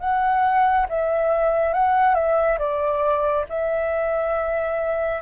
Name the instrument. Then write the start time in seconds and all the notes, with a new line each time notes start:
flute
0.00 F#5
0.89 E5
1.74 F#5
2.15 E5
2.59 D5
3.49 E5